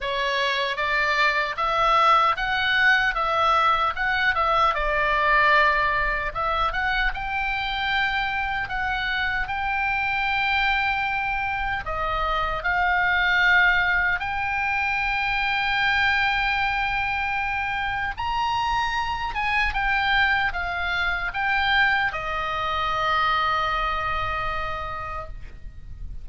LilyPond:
\new Staff \with { instrumentName = "oboe" } { \time 4/4 \tempo 4 = 76 cis''4 d''4 e''4 fis''4 | e''4 fis''8 e''8 d''2 | e''8 fis''8 g''2 fis''4 | g''2. dis''4 |
f''2 g''2~ | g''2. ais''4~ | ais''8 gis''8 g''4 f''4 g''4 | dis''1 | }